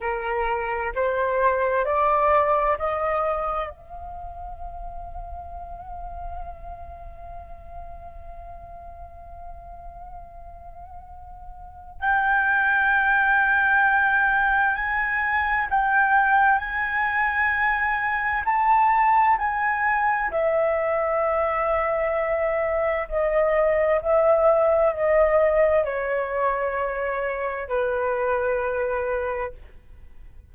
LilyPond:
\new Staff \with { instrumentName = "flute" } { \time 4/4 \tempo 4 = 65 ais'4 c''4 d''4 dis''4 | f''1~ | f''1~ | f''4 g''2. |
gis''4 g''4 gis''2 | a''4 gis''4 e''2~ | e''4 dis''4 e''4 dis''4 | cis''2 b'2 | }